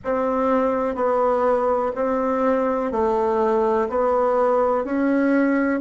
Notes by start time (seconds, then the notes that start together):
0.04 C4
0.95 B3
1.95 C4
2.91 A3
3.89 B3
4.84 C#4